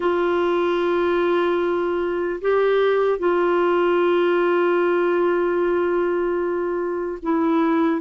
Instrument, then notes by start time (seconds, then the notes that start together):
clarinet
0.00 F4
2.41 G4
3.18 F4
7.22 E4